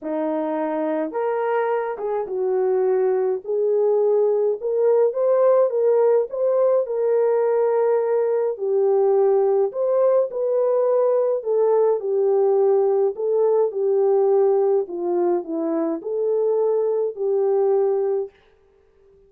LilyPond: \new Staff \with { instrumentName = "horn" } { \time 4/4 \tempo 4 = 105 dis'2 ais'4. gis'8 | fis'2 gis'2 | ais'4 c''4 ais'4 c''4 | ais'2. g'4~ |
g'4 c''4 b'2 | a'4 g'2 a'4 | g'2 f'4 e'4 | a'2 g'2 | }